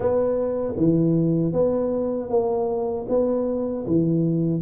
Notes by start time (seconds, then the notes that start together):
0.00 B3
0.77 E3
1.52 B3
2.29 A#3
3.08 B3
3.86 E3